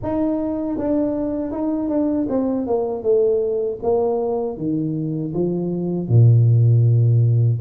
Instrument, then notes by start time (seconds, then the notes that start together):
tuba
0.02 D#4
0.78 D4
1.51 D#4
1.89 D4
2.29 C4
2.67 A#3
3.02 A3
3.83 A#3
4.57 D#3
5.33 F3
6.08 A#2